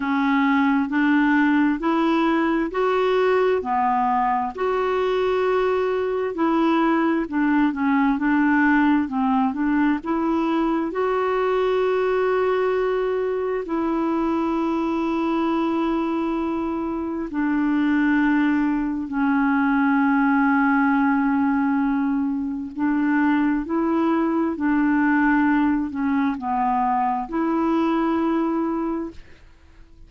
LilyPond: \new Staff \with { instrumentName = "clarinet" } { \time 4/4 \tempo 4 = 66 cis'4 d'4 e'4 fis'4 | b4 fis'2 e'4 | d'8 cis'8 d'4 c'8 d'8 e'4 | fis'2. e'4~ |
e'2. d'4~ | d'4 cis'2.~ | cis'4 d'4 e'4 d'4~ | d'8 cis'8 b4 e'2 | }